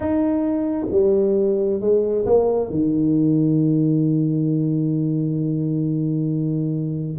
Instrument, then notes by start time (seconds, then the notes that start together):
tuba
0.00 D#4
0.90 G3
1.80 G#3
2.26 A#3
2.70 D#3